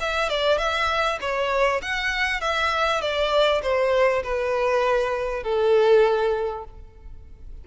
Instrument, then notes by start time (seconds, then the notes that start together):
violin
0.00 E5
0.29 D5
0.58 E5
1.21 C#5
1.82 F#5
2.41 E5
3.01 D5
3.62 C5
4.23 B4
5.43 A4